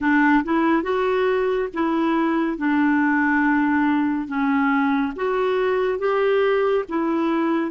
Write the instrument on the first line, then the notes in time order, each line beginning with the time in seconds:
clarinet
0.00 D4
0.44 E4
0.83 F#4
1.73 E4
2.57 D4
4.27 C#4
5.15 F#4
5.98 G4
6.88 E4